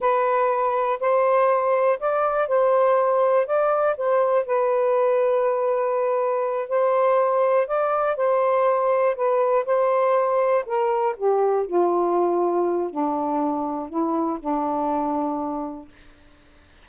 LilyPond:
\new Staff \with { instrumentName = "saxophone" } { \time 4/4 \tempo 4 = 121 b'2 c''2 | d''4 c''2 d''4 | c''4 b'2.~ | b'4. c''2 d''8~ |
d''8 c''2 b'4 c''8~ | c''4. ais'4 g'4 f'8~ | f'2 d'2 | e'4 d'2. | }